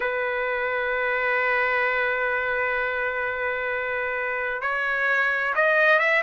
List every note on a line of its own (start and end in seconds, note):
0.00 4.62 B4
4.62 5.54 C#5
5.55 5.99 D#5
5.99 6.22 E5